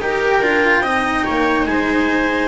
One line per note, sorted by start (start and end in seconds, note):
0.00 0.41 D#4
0.00 0.42 G4
0.00 0.82 A#4
0.00 1.66 G5
0.41 0.81 D4
0.41 0.84 F4
0.81 1.22 C4
0.81 2.48 D#4
0.81 1.23 D#5
1.24 1.67 A#3
1.24 1.66 C#5
1.66 2.48 G#3
1.66 2.48 C5
1.66 2.48 G#5